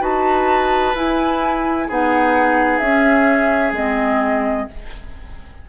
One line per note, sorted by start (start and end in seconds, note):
0.00 0.95 D#4
0.00 0.94 F#4
0.00 1.88 B4
0.00 0.96 A5
0.95 1.88 E4
0.95 1.89 E4
0.95 1.91 G#5
1.88 2.80 B3
1.88 2.83 D#4
1.88 4.69 G#4
1.88 2.79 F#5
2.79 3.72 C#4
2.79 3.73 E5
2.86 3.75 C#4
3.72 4.66 G#3
3.72 4.68 C4
3.72 4.69 D#5